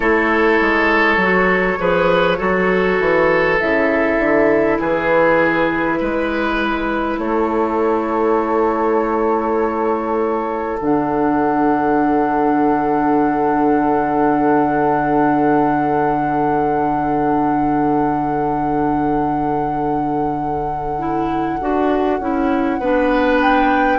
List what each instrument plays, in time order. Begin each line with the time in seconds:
0.00 bassoon A3, clarinet E4, oboe A4, flute C#5
0.60 bassoon G#3
1.16 bassoon F#3, clarinet F#4
1.78 bassoon F3, clarinet G#4, oboe B4
2.37 bassoon F#3, clarinet F#4, oboe A4
2.99 bassoon E3
3.58 bassoon C#3, clarinet E4, flute E5
4.18 bassoon D3
4.79 bassoon E3, oboe G#4, flute B4
5.99 bassoon G#3, oboe B4
7.18 bassoon A3, oboe A4, flute C#5
10.79 bassoon D3, clarinet D4, flute F#5
20.98 clarinet E4
21.60 bassoon D4, clarinet F#4
22.19 bassoon C#4, clarinet E4
22.79 bassoon B3, clarinet D4, oboe B4
23.40 flute G5